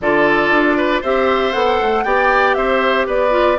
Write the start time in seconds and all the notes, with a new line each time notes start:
0.01 D3 F4 A4 D5
0.50 D4
0.77 B4
1.01 C4 G4 C5 E5
1.52 B3 A4 F#5
1.80 A3
2.03 B3 G4 D5 G5
2.54 C4 C5 E5
3.06 B3 B4 D5
3.30 F4